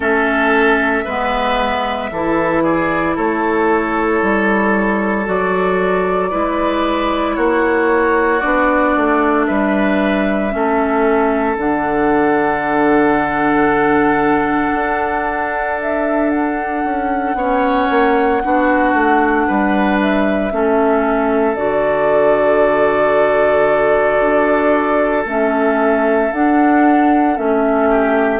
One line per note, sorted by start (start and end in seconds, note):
0.00 1.04 A3
0.00 1.05 C#4
0.00 1.04 A4
0.00 2.63 E5
1.04 2.11 G#3
1.04 2.12 B3
1.04 2.09 B4
2.11 3.16 E3
2.11 5.26 E4
2.11 2.63 A4
2.63 3.15 G#4
2.63 3.16 D5
3.15 4.22 A3
3.15 6.30 A4
3.15 5.27 C#5
4.22 5.27 G3
5.26 6.32 F#3
5.26 6.30 F#4
5.26 7.36 D5
6.30 7.36 G#3
6.30 8.41 E4
6.30 7.35 B4
7.35 8.42 A#3
7.35 9.46 F#4
7.35 8.39 C#5
8.39 8.96 B3
8.39 10.50 D4
8.39 9.44 D5
8.96 9.48 A3
9.45 10.54 G3
9.45 10.52 B4
9.45 11.56 E5
10.50 11.56 A3
10.50 11.55 C#4
10.50 17.37 A4
11.56 14.72 D3
11.56 17.37 D4
11.56 15.80 F#5
14.73 16.84 D4
15.81 16.30 E5
16.30 19.98 F#5
16.84 17.34 C#4
17.34 17.87 B3
17.34 18.42 C#4
17.34 18.42 C#5
17.90 18.42 A#3
18.42 18.93 B3
18.42 20.50 D4
18.42 19.47 F#4
18.93 19.46 A3
19.47 20.52 G3
19.47 20.52 B4
20.00 21.54 E5
20.50 21.55 A3
20.50 21.55 C#4
20.50 27.89 A4
21.54 24.19 D3
21.54 25.25 F#4
21.54 25.23 D5
24.20 25.25 D4
25.25 26.30 A3
25.25 26.32 C#4
25.25 26.32 E5
26.32 27.37 D4
26.32 27.35 D4
26.32 27.37 F#5
27.35 28.39 A3
27.35 28.39 C#4
27.35 28.39 E5
27.89 28.39 G4